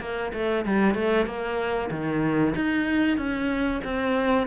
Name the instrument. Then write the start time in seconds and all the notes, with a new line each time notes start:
cello
0.00 A#3
0.33 A3
0.65 G3
0.95 A3
1.26 A#3
1.91 D#3
2.56 D#4
3.17 C#4
3.84 C4